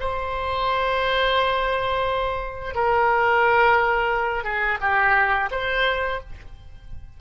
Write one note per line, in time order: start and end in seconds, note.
0.00 2.75 C5
2.75 4.44 A#4
4.44 4.78 G#4
4.81 5.50 G4
5.51 6.20 C5